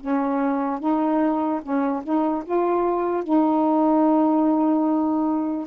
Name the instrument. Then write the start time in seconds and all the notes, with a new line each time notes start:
saxophone
0.00 C#4
0.79 D#4
1.62 C#4
2.03 D#4
2.44 F4
3.23 D#4